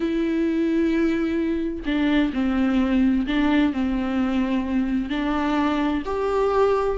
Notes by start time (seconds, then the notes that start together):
0.00 E4
1.85 D4
2.33 C4
3.26 D4
3.72 C4
5.09 D4
6.05 G4